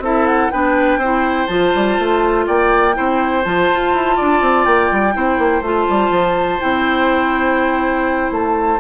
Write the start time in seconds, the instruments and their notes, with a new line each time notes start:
0.00 bassoon C4, clarinet E4, oboe A4, flute E5
0.27 flute F#5
0.51 bassoon B3, clarinet D4, oboe B4, flute G5
0.98 bassoon C4, oboe C5
1.04 clarinet E4
1.47 bassoon F3, clarinet F4, flute A5
1.75 bassoon G3
1.99 bassoon A3
2.47 bassoon A#3, oboe D5, flute G5
2.94 bassoon C4, clarinet E4, oboe C5
3.44 bassoon F3, clarinet F4, flute A5
3.71 bassoon F4
3.94 bassoon E4
4.16 bassoon D4, oboe D5
4.41 bassoon C4
4.65 bassoon A#3, flute G5
4.92 bassoon G3
5.14 bassoon C4, clarinet E4, oboe C5
5.39 bassoon A#3
5.62 bassoon A3, clarinet F4, flute A5
5.90 bassoon G3
6.11 bassoon F3
6.60 bassoon C4, clarinet E4, flute G5
8.31 bassoon A3, flute A5